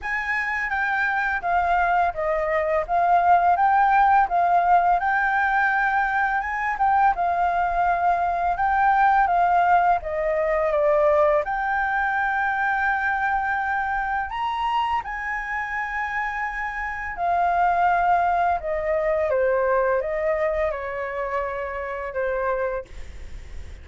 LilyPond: \new Staff \with { instrumentName = "flute" } { \time 4/4 \tempo 4 = 84 gis''4 g''4 f''4 dis''4 | f''4 g''4 f''4 g''4~ | g''4 gis''8 g''8 f''2 | g''4 f''4 dis''4 d''4 |
g''1 | ais''4 gis''2. | f''2 dis''4 c''4 | dis''4 cis''2 c''4 | }